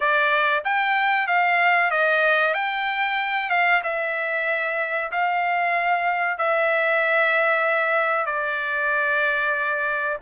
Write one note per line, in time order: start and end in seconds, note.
0.00 0.64 D5
0.64 1.27 G5
1.27 1.91 F5
1.91 2.54 D#5
2.54 3.49 G5
3.49 3.81 F5
3.83 5.11 E5
5.11 6.38 F5
6.38 8.26 E5
8.26 10.17 D5